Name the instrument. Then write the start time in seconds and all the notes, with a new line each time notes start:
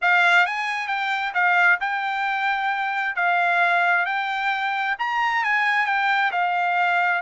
trumpet
0.01 F5
0.46 G#5
0.87 G5
1.34 F5
1.80 G5
3.15 F5
4.05 G5
4.98 A#5
5.44 G#5
5.86 G5
6.31 F5